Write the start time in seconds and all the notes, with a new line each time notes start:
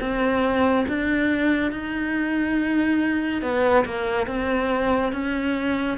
0.00 C4
0.88 D4
1.72 D#4
3.42 B3
3.85 A#3
4.27 C4
5.12 C#4